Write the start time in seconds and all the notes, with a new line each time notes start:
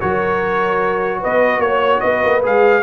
0.00 F#3 F#4 A#4 C#5
1.20 B3 B4 D#5
1.59 A#3 C#5
2.00 B3 B4 D#5
2.25 A#3
2.42 G#3 G#4 F5